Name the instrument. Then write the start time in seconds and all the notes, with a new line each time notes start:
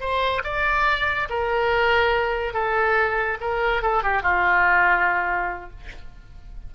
oboe
0.00 C5
0.44 D5
1.29 A#4
2.53 A4
3.41 A#4
3.82 A4
4.03 G4
4.22 F4